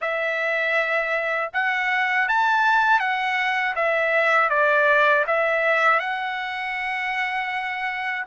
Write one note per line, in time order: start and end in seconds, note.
0.01 1.51 E5
1.53 2.28 F#5
2.28 2.99 A5
2.99 3.74 F#5
3.75 4.49 E5
4.49 5.24 D5
5.27 5.99 E5
5.99 8.24 F#5